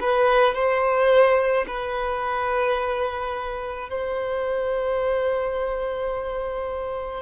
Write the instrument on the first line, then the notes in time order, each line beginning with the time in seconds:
violin
0.00 B4
0.55 C5
1.67 B4
3.89 C5